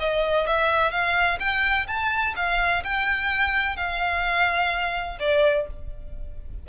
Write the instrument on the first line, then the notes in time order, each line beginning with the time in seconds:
violin
0.00 D#5
0.47 E5
0.91 F5
1.40 G5
1.88 A5
2.37 F5
2.85 G5
3.77 F5
5.20 D5